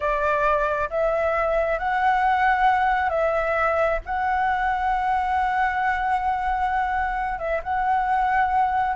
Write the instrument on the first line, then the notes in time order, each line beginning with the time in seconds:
flute
0.00 D5
0.90 E5
1.78 F#5
3.09 E5
4.05 F#5
7.39 E5
7.63 F#5